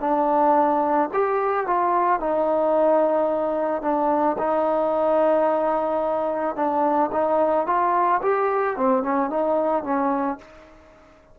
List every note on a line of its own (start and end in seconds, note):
0.00 1.09 D4
1.13 1.66 G4
1.66 2.20 F4
2.20 3.82 D#4
3.82 4.36 D4
4.38 6.56 D#4
6.56 7.10 D4
7.12 7.66 D#4
7.66 8.21 F4
8.22 8.76 G4
8.76 9.03 C4
9.03 9.30 C#4
9.30 9.84 D#4
9.84 10.38 C#4